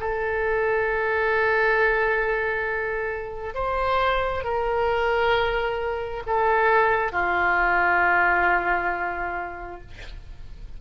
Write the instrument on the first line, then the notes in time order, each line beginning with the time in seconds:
oboe
0.00 A4
3.55 C5
4.45 A#4
6.26 A4
7.12 F4